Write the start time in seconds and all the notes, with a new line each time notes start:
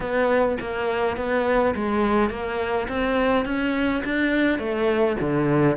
0.00 B3
0.60 A#3
1.16 B3
1.75 G#3
2.29 A#3
2.88 C4
3.45 C#4
4.04 D4
4.58 A3
5.20 D3